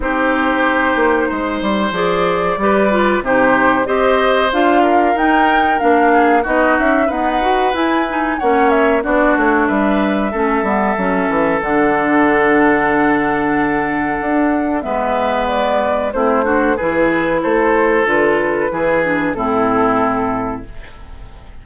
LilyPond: <<
  \new Staff \with { instrumentName = "flute" } { \time 4/4 \tempo 4 = 93 c''2. d''4~ | d''4 c''4 dis''4 f''4 | g''4 f''4 dis''8 e''8 fis''4 | gis''4 fis''8 e''8 d''8 cis''8 e''4~ |
e''2 fis''2~ | fis''2. e''4 | d''4 c''4 b'4 c''4 | b'2 a'2 | }
  \new Staff \with { instrumentName = "oboe" } { \time 4/4 g'2 c''2 | b'4 g'4 c''4. ais'8~ | ais'4. gis'8 fis'4 b'4~ | b'4 cis''4 fis'4 b'4 |
a'1~ | a'2. b'4~ | b'4 e'8 fis'8 gis'4 a'4~ | a'4 gis'4 e'2 | }
  \new Staff \with { instrumentName = "clarinet" } { \time 4/4 dis'2. gis'4 | g'8 f'8 dis'4 g'4 f'4 | dis'4 d'4 dis'4 b8 fis'8 | e'8 dis'8 cis'4 d'2 |
cis'8 b8 cis'4 d'2~ | d'2. b4~ | b4 c'8 d'8 e'2 | f'4 e'8 d'8 c'2 | }
  \new Staff \with { instrumentName = "bassoon" } { \time 4/4 c'4. ais8 gis8 g8 f4 | g4 c4 c'4 d'4 | dis'4 ais4 b8 cis'8 dis'4 | e'4 ais4 b8 a8 g4 |
a8 g8 fis8 e8 d2~ | d2 d'4 gis4~ | gis4 a4 e4 a4 | d4 e4 a,2 | }
>>